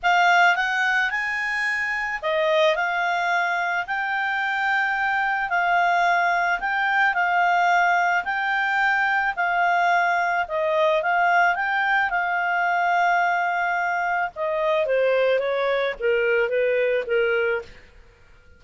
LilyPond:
\new Staff \with { instrumentName = "clarinet" } { \time 4/4 \tempo 4 = 109 f''4 fis''4 gis''2 | dis''4 f''2 g''4~ | g''2 f''2 | g''4 f''2 g''4~ |
g''4 f''2 dis''4 | f''4 g''4 f''2~ | f''2 dis''4 c''4 | cis''4 ais'4 b'4 ais'4 | }